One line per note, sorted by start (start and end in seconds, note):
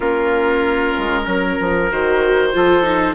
0.00 0.93 A#3
0.00 1.89 C#4
0.00 1.24 F4
0.00 1.90 A#4
0.98 1.26 G#3
1.25 1.57 F#3
1.25 2.51 A#4
1.59 1.91 F3
1.90 2.54 D#3
1.90 2.53 F#4
1.90 3.14 C5
2.53 3.14 F3
2.53 2.82 F4
2.53 3.14 A4
2.82 3.14 D#4